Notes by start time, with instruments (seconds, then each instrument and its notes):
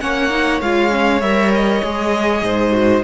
0.00 cello A#3, viola C#4, violin C#5 F#5
0.30 viola D#4
0.61 cello G#3, viola F4, violin F5
0.90 viola C#4
1.21 cello G3, viola A#4, violin E5
1.55 violin D#5
1.84 cello G#3, viola G#4
2.42 cello G#2, violin C5
2.72 viola F#4